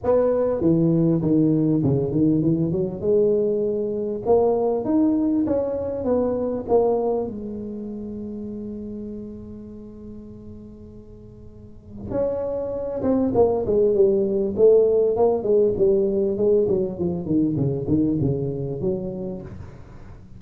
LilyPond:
\new Staff \with { instrumentName = "tuba" } { \time 4/4 \tempo 4 = 99 b4 e4 dis4 cis8 dis8 | e8 fis8 gis2 ais4 | dis'4 cis'4 b4 ais4 | gis1~ |
gis1 | cis'4. c'8 ais8 gis8 g4 | a4 ais8 gis8 g4 gis8 fis8 | f8 dis8 cis8 dis8 cis4 fis4 | }